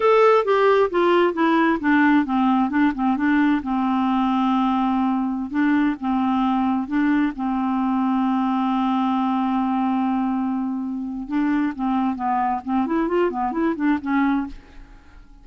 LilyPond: \new Staff \with { instrumentName = "clarinet" } { \time 4/4 \tempo 4 = 133 a'4 g'4 f'4 e'4 | d'4 c'4 d'8 c'8 d'4 | c'1~ | c'16 d'4 c'2 d'8.~ |
d'16 c'2.~ c'8.~ | c'1~ | c'4 d'4 c'4 b4 | c'8 e'8 f'8 b8 e'8 d'8 cis'4 | }